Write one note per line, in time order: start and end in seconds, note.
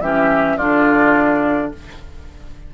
0.00 0.57 E3
0.00 0.60 C#4
0.00 0.56 G4
0.00 0.57 E5
0.56 1.72 D3
0.56 1.74 D4
0.56 1.71 F4
0.56 1.71 D5